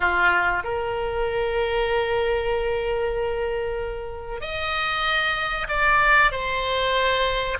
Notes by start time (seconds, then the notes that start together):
0.00 F4
0.63 A#4
4.40 D#5
5.68 D5
6.31 C5